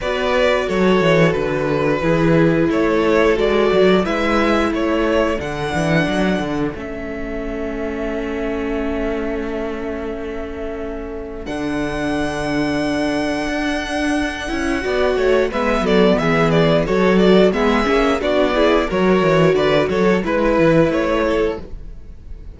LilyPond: <<
  \new Staff \with { instrumentName = "violin" } { \time 4/4 \tempo 4 = 89 d''4 cis''4 b'2 | cis''4 d''4 e''4 cis''4 | fis''2 e''2~ | e''1~ |
e''4 fis''2.~ | fis''2. e''8 d''8 | e''8 d''8 cis''8 d''8 e''4 d''4 | cis''4 d''8 cis''8 b'4 cis''4 | }
  \new Staff \with { instrumentName = "violin" } { \time 4/4 b'4 a'2 gis'4 | a'2 b'4 a'4~ | a'1~ | a'1~ |
a'1~ | a'2 d''8 cis''8 b'8 a'8 | gis'4 a'4 gis'4 fis'8 gis'8 | ais'4 b'8 a'8 b'4. a'8 | }
  \new Staff \with { instrumentName = "viola" } { \time 4/4 fis'2. e'4~ | e'4 fis'4 e'2 | d'2 cis'2~ | cis'1~ |
cis'4 d'2.~ | d'4. e'8 fis'4 b4~ | b4 fis'4 b8 cis'8 d'8 e'8 | fis'2 e'2 | }
  \new Staff \with { instrumentName = "cello" } { \time 4/4 b4 fis8 e8 d4 e4 | a4 gis8 fis8 gis4 a4 | d8 e8 fis8 d8 a2~ | a1~ |
a4 d2. | d'4. cis'8 b8 a8 gis8 fis8 | e4 fis4 gis8 ais8 b4 | fis8 e8 d8 fis8 gis8 e8 a4 | }
>>